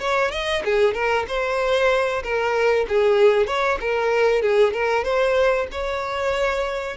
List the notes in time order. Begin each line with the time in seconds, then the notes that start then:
0.00 C#5
0.32 D#5
0.65 G#4
0.94 A#4
1.28 C5
2.23 A#4
2.89 G#4
3.47 C#5
3.81 A#4
4.42 G#4
4.74 A#4
5.05 C5
5.72 C#5